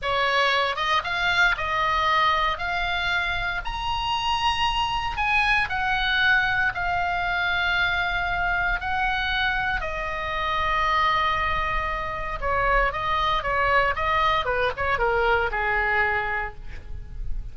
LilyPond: \new Staff \with { instrumentName = "oboe" } { \time 4/4 \tempo 4 = 116 cis''4. dis''8 f''4 dis''4~ | dis''4 f''2 ais''4~ | ais''2 gis''4 fis''4~ | fis''4 f''2.~ |
f''4 fis''2 dis''4~ | dis''1 | cis''4 dis''4 cis''4 dis''4 | b'8 cis''8 ais'4 gis'2 | }